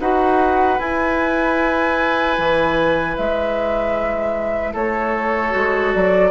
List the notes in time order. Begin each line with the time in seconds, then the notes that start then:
0.00 D#4 F#4 B4 F#5
0.78 E4 G#5
2.38 E3
3.16 G#3 E5
4.73 A3 A4 C#5
5.50 G#3 F#4
5.94 F#3 D5